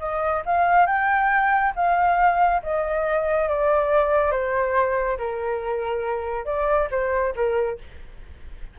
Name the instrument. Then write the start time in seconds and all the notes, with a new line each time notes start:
flute
0.00 D#5
0.46 F5
0.87 G5
1.76 F5
2.63 D#5
3.49 D5
4.32 C5
5.18 A#4
6.46 D5
6.91 C5
7.36 A#4